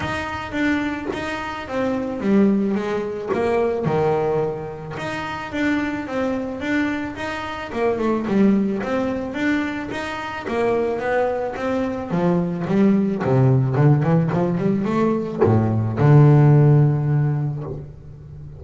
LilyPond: \new Staff \with { instrumentName = "double bass" } { \time 4/4 \tempo 4 = 109 dis'4 d'4 dis'4 c'4 | g4 gis4 ais4 dis4~ | dis4 dis'4 d'4 c'4 | d'4 dis'4 ais8 a8 g4 |
c'4 d'4 dis'4 ais4 | b4 c'4 f4 g4 | c4 d8 e8 f8 g8 a4 | a,4 d2. | }